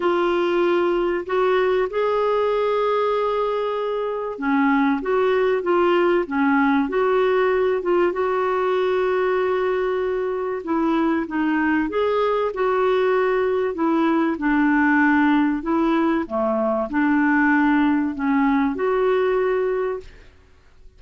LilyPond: \new Staff \with { instrumentName = "clarinet" } { \time 4/4 \tempo 4 = 96 f'2 fis'4 gis'4~ | gis'2. cis'4 | fis'4 f'4 cis'4 fis'4~ | fis'8 f'8 fis'2.~ |
fis'4 e'4 dis'4 gis'4 | fis'2 e'4 d'4~ | d'4 e'4 a4 d'4~ | d'4 cis'4 fis'2 | }